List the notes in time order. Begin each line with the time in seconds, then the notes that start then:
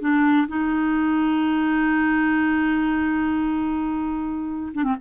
0.00 D4
0.48 D#4
4.74 D4
4.84 C4